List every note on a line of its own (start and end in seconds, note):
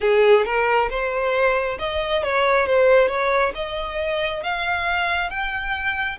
0.00 0.45 G#4
0.45 0.89 A#4
0.89 1.78 C5
1.78 2.23 D#5
2.23 2.66 C#5
2.66 3.08 C5
3.08 3.52 C#5
3.55 4.43 D#5
4.43 5.29 F5
5.29 6.18 G5